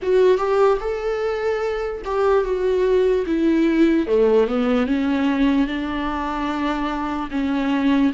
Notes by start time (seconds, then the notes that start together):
0.02 F#4
0.37 G4
0.80 A4
2.04 G4
2.44 F#4
3.26 E4
4.07 A3
4.47 B3
4.86 C#4
5.67 D4
7.30 C#4